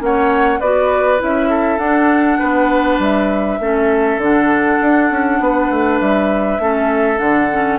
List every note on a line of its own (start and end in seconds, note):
0.00 0.61 A#3
0.00 0.60 C#4
0.00 0.60 C#5
0.00 0.61 F#5
0.60 1.21 B3
0.60 1.19 F#4
0.60 1.50 B4
0.60 1.21 D5
1.19 1.79 C#4
1.19 1.79 E4
1.19 1.79 E5
1.50 2.39 A4
1.79 2.39 D4
1.79 3.61 D4
1.79 2.99 F#5
2.39 2.99 B3
2.39 3.59 B4
2.99 3.59 G3
2.99 4.22 E5
3.60 4.18 A3
3.60 4.22 C#4
3.60 5.42 A4
4.18 4.78 D3
4.18 6.61 D4
4.18 6.00 F#5
4.82 5.11 D4
5.11 5.40 C#4
5.40 5.70 B3
5.40 6.62 B4
5.71 6.00 A3
6.00 6.59 G3
6.00 7.19 E5
6.59 7.19 A3
6.59 7.18 C#4
6.59 7.80 A4
7.18 7.80 D3
7.18 7.48 D4
7.18 7.79 F#5
7.53 7.80 C#4